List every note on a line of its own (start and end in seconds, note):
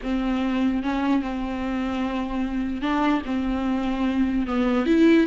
0.02 0.82 C4
0.82 1.22 C#4
1.22 2.81 C4
2.81 3.22 D4
3.25 4.46 C4
4.46 4.86 B3
4.86 5.26 E4